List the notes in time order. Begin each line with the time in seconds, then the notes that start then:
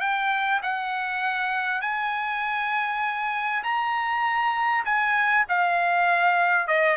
0.00 G5
0.63 F#5
1.81 G#5
3.63 A#5
4.85 G#5
5.48 F5
6.67 D#5